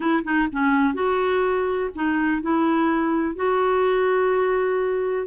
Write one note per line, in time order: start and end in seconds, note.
0.00 0.23 E4
0.24 0.48 D#4
0.51 0.94 C#4
0.94 1.90 F#4
1.95 2.42 D#4
2.42 3.35 E4
3.35 5.27 F#4